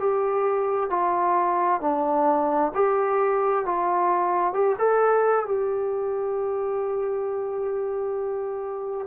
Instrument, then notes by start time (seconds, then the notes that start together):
trombone
0.00 G4
0.90 F4
1.81 D4
2.74 G4
3.65 F4
4.54 G4
4.79 A4
5.45 G4